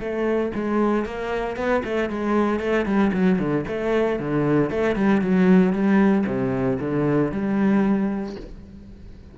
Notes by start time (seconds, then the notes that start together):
0.00 A3
0.55 G#3
1.06 A#3
1.57 B3
1.85 A3
2.10 G#3
2.59 A3
2.86 G3
3.13 F#3
3.39 D3
3.68 A3
4.19 D3
4.70 A3
4.95 G3
5.21 F#3
5.73 G3
6.26 C3
6.80 D3
7.32 G3